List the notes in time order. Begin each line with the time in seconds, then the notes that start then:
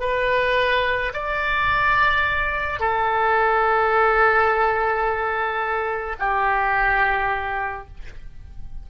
0.00 B4
1.13 D5
2.79 A4
6.19 G4